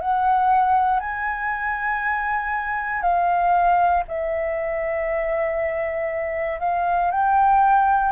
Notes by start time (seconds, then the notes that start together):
0.00 F#5
0.99 G#5
3.01 F5
4.07 E5
6.60 F5
7.10 G5